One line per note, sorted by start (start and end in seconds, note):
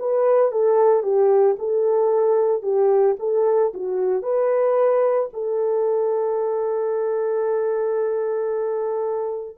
0.00 0.52 B4
0.52 1.03 A4
1.03 1.57 G4
1.59 2.63 A4
2.63 3.17 G4
3.19 3.73 A4
3.75 4.23 F#4
4.23 5.30 B4
5.34 9.58 A4